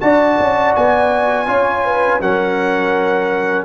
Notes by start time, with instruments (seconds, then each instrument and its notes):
0.00 tuba D4, trombone F#4, horn D5, trumpet A5
0.39 tuba C#4
0.75 tuba B3, trumpet G#5
1.47 tuba C#4, trombone F4, horn C#5
1.85 horn B4
2.20 tuba F#3, trombone C#4, horn A#4, trumpet F#5